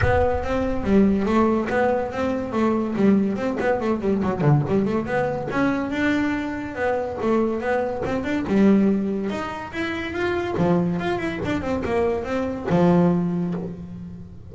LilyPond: \new Staff \with { instrumentName = "double bass" } { \time 4/4 \tempo 4 = 142 b4 c'4 g4 a4 | b4 c'4 a4 g4 | c'8 b8 a8 g8 fis8 d8 g8 a8 | b4 cis'4 d'2 |
b4 a4 b4 c'8 d'8 | g2 dis'4 e'4 | f'4 f4 f'8 e'8 d'8 c'8 | ais4 c'4 f2 | }